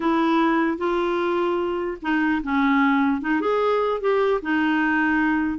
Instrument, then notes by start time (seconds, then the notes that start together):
clarinet
0.00 E4
0.77 F4
2.01 D#4
2.43 C#4
3.21 D#4
3.41 G#4
4.01 G4
4.42 D#4